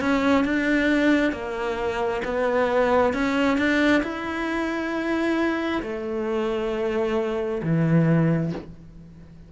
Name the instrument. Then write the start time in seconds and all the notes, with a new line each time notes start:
cello
0.00 C#4
0.44 D4
1.32 A#3
2.24 B3
3.13 C#4
3.57 D4
4.03 E4
5.82 A3
7.62 E3